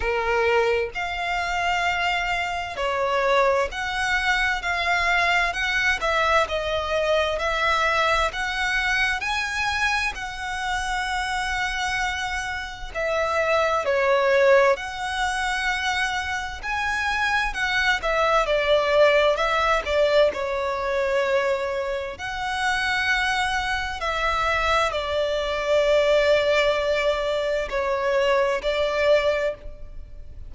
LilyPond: \new Staff \with { instrumentName = "violin" } { \time 4/4 \tempo 4 = 65 ais'4 f''2 cis''4 | fis''4 f''4 fis''8 e''8 dis''4 | e''4 fis''4 gis''4 fis''4~ | fis''2 e''4 cis''4 |
fis''2 gis''4 fis''8 e''8 | d''4 e''8 d''8 cis''2 | fis''2 e''4 d''4~ | d''2 cis''4 d''4 | }